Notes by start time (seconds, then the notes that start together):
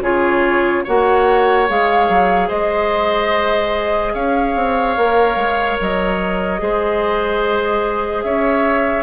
0.00 C#3 F4 G#4 C#5
0.84 A#3 F#4 C#5 F#5
1.68 G#3 G#4 F5
2.09 F#3
2.48 G#3 C5 D#5
4.13 C#4 C#5 F5
4.55 C4
4.96 A#3 A#4
5.36 G#3
5.80 F#3 D#5
6.58 G#3 G#4 C5
8.22 C#4 C#5 E5